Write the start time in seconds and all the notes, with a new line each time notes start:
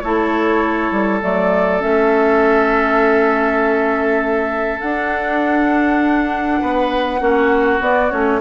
0.00 A3 E4 A4 C#5
0.92 G3
1.21 F#3 A3 D5
1.80 A3 C#4 E5
4.80 D4 F#5
6.61 B3 B4
7.20 A#3 C#4 F#4
7.80 B3 D5
8.11 A3 C#4 C#5